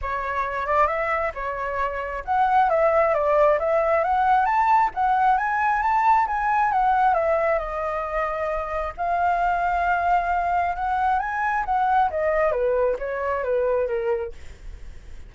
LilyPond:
\new Staff \with { instrumentName = "flute" } { \time 4/4 \tempo 4 = 134 cis''4. d''8 e''4 cis''4~ | cis''4 fis''4 e''4 d''4 | e''4 fis''4 a''4 fis''4 | gis''4 a''4 gis''4 fis''4 |
e''4 dis''2. | f''1 | fis''4 gis''4 fis''4 dis''4 | b'4 cis''4 b'4 ais'4 | }